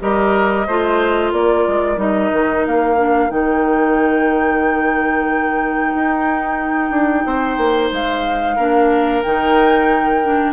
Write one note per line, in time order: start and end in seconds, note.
0.00 0.67 G3
0.00 0.66 G4
0.00 0.67 A#4
0.00 1.33 D#5
0.67 1.32 A3
0.67 1.96 F4
0.67 1.33 C5
1.32 1.65 A#3
1.32 7.26 A#4
1.32 1.99 D5
1.68 1.97 G#3
1.96 2.30 G3
1.96 2.95 D#4
1.96 2.66 D#5
2.33 2.66 D#3
2.66 3.30 A#3
2.66 3.30 F5
2.96 3.29 D4
3.29 5.94 D#3
3.29 8.56 D#4
3.29 7.92 G5
5.95 6.91 D#4
6.91 7.24 D4
7.25 7.57 C4
7.25 8.55 C5
7.57 7.90 A#3
7.92 8.57 G#3
7.92 9.22 F5
8.55 9.23 A#3
8.55 9.24 D4
8.55 10.52 A#4
9.22 10.52 D#3
9.22 10.23 D#4
9.22 10.52 G5
10.23 10.52 D4